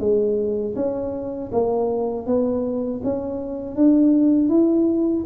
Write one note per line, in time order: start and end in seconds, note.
0.00 0.75 G#3
0.76 1.51 C#4
1.52 2.27 A#3
2.27 3.02 B3
3.04 3.76 C#4
3.76 4.49 D4
4.49 5.24 E4